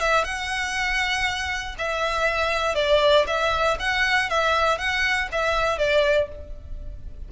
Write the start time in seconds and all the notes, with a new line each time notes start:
0.00 E5
0.24 F#5
1.78 E5
2.75 D5
3.27 E5
3.79 F#5
4.29 E5
4.78 F#5
5.31 E5
5.78 D5